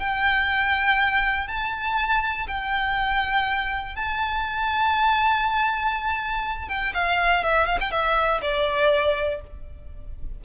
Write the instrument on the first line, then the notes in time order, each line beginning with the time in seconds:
violin
0.00 G5
1.48 A5
2.48 G5
3.96 A5
6.69 G5
6.94 F5
7.44 E5
7.66 F5
7.81 G5
7.92 E5
8.42 D5